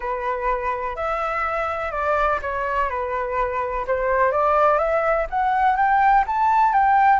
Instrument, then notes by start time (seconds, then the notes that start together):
flute
0.00 B4
0.96 E5
1.91 D5
2.42 C#5
2.89 B4
3.87 C5
4.31 D5
4.78 E5
5.30 F#5
5.76 G5
6.26 A5
6.73 G5